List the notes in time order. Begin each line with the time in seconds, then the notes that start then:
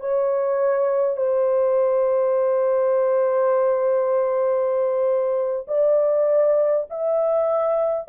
0.00 C#5
1.17 C5
5.67 D5
6.90 E5